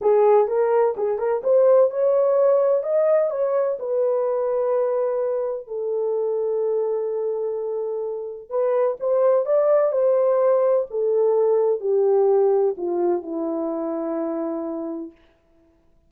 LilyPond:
\new Staff \with { instrumentName = "horn" } { \time 4/4 \tempo 4 = 127 gis'4 ais'4 gis'8 ais'8 c''4 | cis''2 dis''4 cis''4 | b'1 | a'1~ |
a'2 b'4 c''4 | d''4 c''2 a'4~ | a'4 g'2 f'4 | e'1 | }